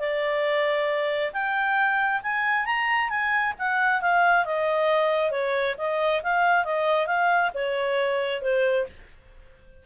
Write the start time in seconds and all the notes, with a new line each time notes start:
0.00 D5
1.33 G5
2.23 G#5
2.66 A#5
3.10 G#5
3.59 F#5
4.02 F5
4.45 D#5
5.31 C#5
5.78 D#5
6.23 F5
6.65 D#5
7.07 F5
7.54 C#5
8.42 C5